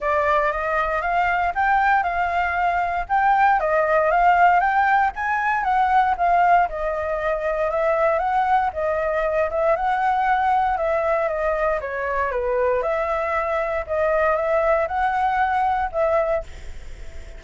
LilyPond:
\new Staff \with { instrumentName = "flute" } { \time 4/4 \tempo 4 = 117 d''4 dis''4 f''4 g''4 | f''2 g''4 dis''4 | f''4 g''4 gis''4 fis''4 | f''4 dis''2 e''4 |
fis''4 dis''4. e''8 fis''4~ | fis''4 e''4 dis''4 cis''4 | b'4 e''2 dis''4 | e''4 fis''2 e''4 | }